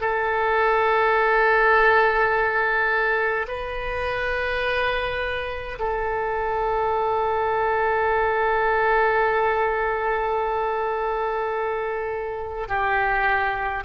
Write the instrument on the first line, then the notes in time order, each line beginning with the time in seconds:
oboe
0.00 A4
3.47 B4
5.78 A4
12.68 G4